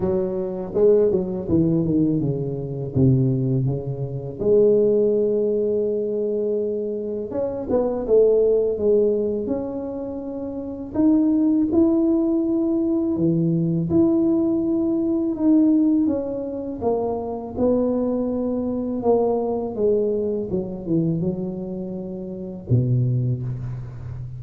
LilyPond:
\new Staff \with { instrumentName = "tuba" } { \time 4/4 \tempo 4 = 82 fis4 gis8 fis8 e8 dis8 cis4 | c4 cis4 gis2~ | gis2 cis'8 b8 a4 | gis4 cis'2 dis'4 |
e'2 e4 e'4~ | e'4 dis'4 cis'4 ais4 | b2 ais4 gis4 | fis8 e8 fis2 b,4 | }